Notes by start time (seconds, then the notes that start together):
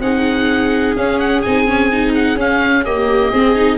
0.00 C4 D#4 G#4 F#5
0.96 C#4 F5
1.20 F#5
1.42 C4 D#4 G#5
1.67 C#4
1.92 D#4
2.15 F#5
2.35 C#4 F5
2.85 A#3 G4 D#5
3.31 C4 G#4
3.56 D#4